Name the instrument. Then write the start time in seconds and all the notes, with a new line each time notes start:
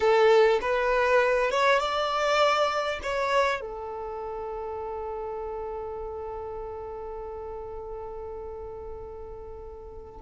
violin
0.00 A4
0.61 B4
1.51 C#5
1.79 D5
3.02 C#5
3.60 A4